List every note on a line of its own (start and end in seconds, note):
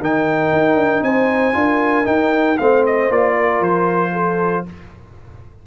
0.00 0.52 D#3
0.00 1.53 D#4
0.00 1.04 A#4
0.00 1.03 G5
0.52 0.75 D#4
0.75 1.01 D4
1.02 1.54 C4
1.02 1.56 C5
1.02 2.06 G#5
1.53 2.06 D4
1.53 2.04 F4
1.53 2.59 A#4
2.04 2.56 D#4
2.04 2.58 D#4
2.04 2.57 G5
2.57 3.09 A3
2.57 3.11 C4
2.57 3.33 C5
2.57 2.83 F5
2.86 3.11 D#5
3.09 3.60 A#3
3.09 4.66 F4
3.09 3.62 D5
3.33 4.11 A#4
3.60 4.63 F3
3.60 4.66 C5
4.12 4.64 A4